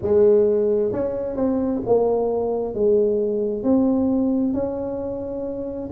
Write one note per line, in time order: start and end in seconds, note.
0.02 0.92 G#3
0.92 1.36 C#4
1.36 1.81 C4
1.86 2.74 A#3
2.74 3.63 G#3
3.63 4.53 C4
4.53 5.89 C#4